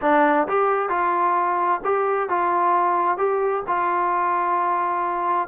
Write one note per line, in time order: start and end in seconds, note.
0.01 0.47 D4
0.47 0.89 G4
0.89 1.80 F4
1.84 2.29 G4
2.29 3.17 F4
3.17 3.63 G4
3.67 5.48 F4